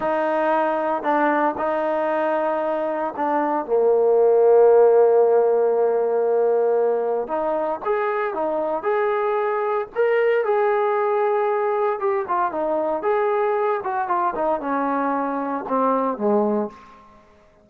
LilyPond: \new Staff \with { instrumentName = "trombone" } { \time 4/4 \tempo 4 = 115 dis'2 d'4 dis'4~ | dis'2 d'4 ais4~ | ais1~ | ais2 dis'4 gis'4 |
dis'4 gis'2 ais'4 | gis'2. g'8 f'8 | dis'4 gis'4. fis'8 f'8 dis'8 | cis'2 c'4 gis4 | }